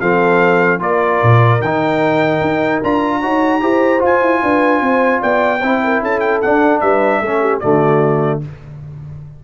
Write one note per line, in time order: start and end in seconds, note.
0.00 0.81 F3
0.00 0.79 C4
0.00 0.80 A4
0.00 0.80 F5
0.79 1.21 A#3
0.79 1.59 F4
0.79 3.20 A#4
0.79 1.61 D5
1.23 1.60 A#2
1.60 2.40 D#3
1.60 2.84 D#4
1.60 2.81 G5
2.41 2.81 D#4
2.83 3.23 D4
2.83 3.22 F4
2.83 4.03 A#5
3.21 3.61 D#4
3.21 3.61 F#4
3.21 3.61 C#5
3.61 4.01 E4
3.61 3.99 G4
3.61 4.41 C5
3.99 5.59 F4
3.99 4.21 F4
3.99 5.22 G#5
4.21 4.42 E4
4.42 4.81 D4
4.42 4.81 B4
4.81 5.21 C4
4.81 5.21 C5
5.21 5.62 B3
5.21 5.60 D5
5.21 6.02 G5
5.60 6.02 C4
5.60 6.43 E4
5.60 5.80 C5
5.83 6.02 A#4
6.02 6.42 C#4
6.02 6.82 A4
6.02 6.20 A5
6.20 6.40 G5
6.41 7.23 D4
6.41 6.82 D4
6.41 6.80 F#5
6.80 7.21 G3
6.80 7.22 B4
6.80 7.60 E5
7.21 7.61 A3
7.21 7.61 C#4
7.21 7.40 A4
7.40 7.60 G4
7.60 8.44 D3
7.60 8.41 A3
7.60 8.41 F#4
7.60 8.40 D5